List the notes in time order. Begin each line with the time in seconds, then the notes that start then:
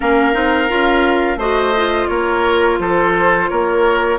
0.00 A#3 C#4 A#4 F5
0.33 C4 D#4
0.68 C#4 F4
1.36 A3 F#4 C5 D#5
1.76 F4
2.08 A#3 A#4 C#5
2.78 F3 A4 C5
3.48 A#3 A#4 C#5